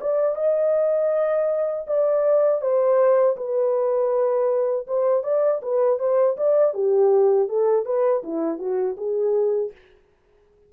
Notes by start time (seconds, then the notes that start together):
0.00 D5
0.35 D#5
1.86 D5
2.61 C5
3.36 B4
4.86 C5
5.23 D5
5.62 B4
5.99 C5
6.37 D5
6.73 G4
7.48 A4
7.85 B4
8.23 E4
8.58 F#4
8.97 G#4